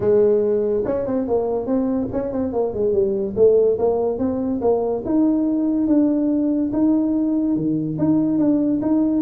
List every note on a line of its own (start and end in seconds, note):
0.00 0.83 G#3
0.85 1.06 C#4
1.06 1.27 C4
1.27 1.66 A#3
1.66 2.08 C4
2.12 2.32 C#4
2.32 2.53 C4
2.53 2.73 A#3
2.73 2.92 G#3
2.92 3.34 G3
3.35 3.77 A3
3.78 4.18 A#3
4.18 4.60 C4
4.61 5.03 A#3
5.05 5.87 D#4
5.87 6.71 D4
6.72 7.55 D#4
7.55 7.97 D#3
7.98 8.38 D#4
8.38 8.80 D4
8.81 9.22 D#4